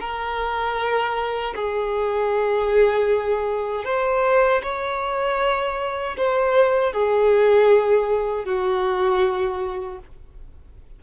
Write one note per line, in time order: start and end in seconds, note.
0.00 1.54 A#4
1.55 3.85 G#4
3.85 4.62 C5
4.62 6.16 C#5
6.17 6.92 C5
6.92 8.45 G#4
8.45 9.99 F#4